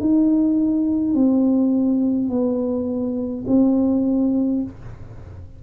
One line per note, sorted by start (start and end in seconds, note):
0.00 1.15 D#4
1.15 2.30 C4
2.30 3.45 B3
3.48 4.63 C4